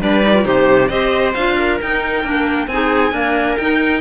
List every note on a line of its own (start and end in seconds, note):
0.00 0.45 G3
0.00 0.22 D4
0.00 0.45 B4
0.00 0.45 D5
0.22 0.33 D#4
0.34 0.43 F4
0.43 0.89 C3
0.43 0.88 D#4
0.43 0.90 G4
0.43 0.88 C5
0.88 1.34 C4
0.88 1.34 G4
0.88 1.57 C5
0.88 1.33 D#5
1.34 1.80 D4
1.34 1.80 F4
1.34 1.79 F5
1.57 2.68 A#4
1.80 2.24 D#4
1.80 2.67 G5
2.24 2.67 A#3
2.24 2.68 D4
2.67 3.12 C4
2.67 3.12 D#4
2.67 3.13 G#4
2.67 3.57 G#5
3.12 3.57 A#3
3.12 3.57 D4
3.12 4.01 A#4
3.57 4.01 D#4
3.57 4.01 G5